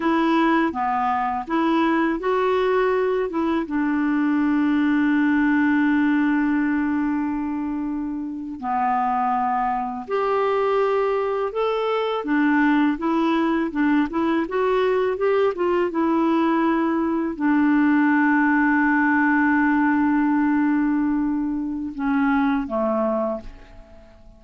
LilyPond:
\new Staff \with { instrumentName = "clarinet" } { \time 4/4 \tempo 4 = 82 e'4 b4 e'4 fis'4~ | fis'8 e'8 d'2.~ | d'2.~ d'8. b16~ | b4.~ b16 g'2 a'16~ |
a'8. d'4 e'4 d'8 e'8 fis'16~ | fis'8. g'8 f'8 e'2 d'16~ | d'1~ | d'2 cis'4 a4 | }